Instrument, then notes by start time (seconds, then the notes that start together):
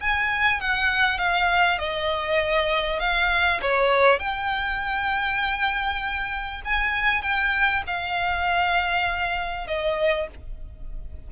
violin
0.00 G#5
0.60 F#5
1.18 F5
1.78 D#5
2.99 F5
3.61 C#5
4.19 G5
6.64 G#5
7.22 G5
7.87 F5
9.67 D#5